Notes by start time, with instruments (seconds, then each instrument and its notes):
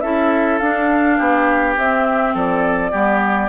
0.00 bassoon C#4, clarinet E4, oboe A4, flute E5
0.57 bassoon D4, clarinet D4, flute F5
1.17 bassoon B3, oboe G4
1.76 bassoon C4, clarinet C4, flute E5
2.33 bassoon F3, oboe A4, flute D5
2.91 bassoon G3, clarinet B3, oboe G4